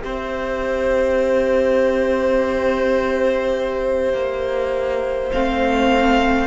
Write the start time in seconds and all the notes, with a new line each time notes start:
0.00 C4 G4 C5 E5
4.13 A#3
5.32 A3 C4 F5